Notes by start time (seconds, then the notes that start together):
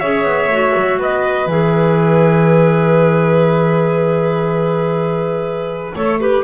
0.00 C#4 G#4 C#5 E5
0.23 B3
0.48 A3 F#4
0.75 F#3
0.98 B3 B4 D#5
1.46 E3 G#4 E5
5.95 A3 A4 C#5
6.20 G4 B4